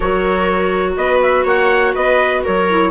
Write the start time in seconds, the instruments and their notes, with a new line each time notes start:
0.00 bassoon F#3, clarinet F#4, viola A#4, trumpet C#5
0.96 bassoon B3, viola B4, trumpet D#5
1.22 trumpet E5
1.44 bassoon A#3, viola C#5, trumpet F#5
1.94 bassoon B3, viola B4, trumpet D#5
2.43 bassoon F#3, viola A#4, trumpet C#5
2.69 clarinet E4